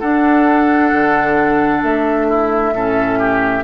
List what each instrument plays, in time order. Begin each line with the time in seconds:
0.00 bassoon D4, clarinet D4, oboe A4, flute F#5
0.92 bassoon D3
1.83 bassoon A3, flute E5
2.29 oboe E4
2.73 bassoon A2, clarinet C#4, oboe A4
3.19 oboe G4